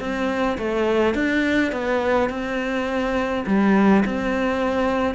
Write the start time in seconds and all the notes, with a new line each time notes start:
0.00 C4
0.58 A3
1.14 D4
1.72 B3
2.29 C4
3.46 G3
4.05 C4